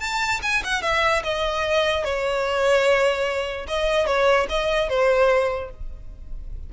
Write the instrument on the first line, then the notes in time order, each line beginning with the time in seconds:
violin
0.00 A5
0.42 G#5
0.64 F#5
0.82 E5
1.23 D#5
2.04 C#5
3.68 D#5
4.06 C#5
4.49 D#5
4.89 C5